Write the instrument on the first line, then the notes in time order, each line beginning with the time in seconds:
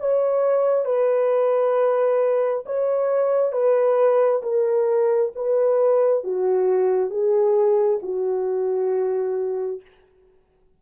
horn
0.00 C#5
0.85 B4
2.66 C#5
3.52 B4
4.42 A#4
5.35 B4
6.24 F#4
7.10 G#4
8.02 F#4